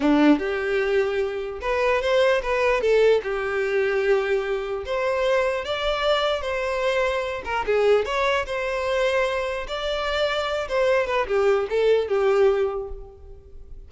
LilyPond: \new Staff \with { instrumentName = "violin" } { \time 4/4 \tempo 4 = 149 d'4 g'2. | b'4 c''4 b'4 a'4 | g'1 | c''2 d''2 |
c''2~ c''8 ais'8 gis'4 | cis''4 c''2. | d''2~ d''8 c''4 b'8 | g'4 a'4 g'2 | }